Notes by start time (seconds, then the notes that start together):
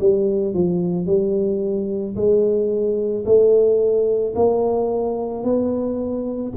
0.00 G3
0.54 F3
1.07 G3
2.16 G#3
3.25 A3
4.35 A#3
5.44 B3